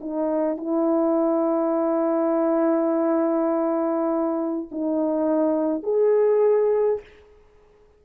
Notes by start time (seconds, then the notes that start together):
0.00 D#4
0.57 E4
4.71 D#4
5.83 G#4